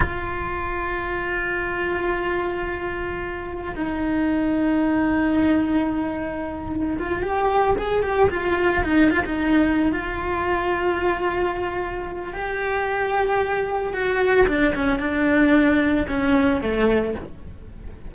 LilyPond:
\new Staff \with { instrumentName = "cello" } { \time 4/4 \tempo 4 = 112 f'1~ | f'2. dis'4~ | dis'1~ | dis'4 f'8 g'4 gis'8 g'8 f'8~ |
f'8 dis'8 f'16 dis'4~ dis'16 f'4.~ | f'2. g'4~ | g'2 fis'4 d'8 cis'8 | d'2 cis'4 a4 | }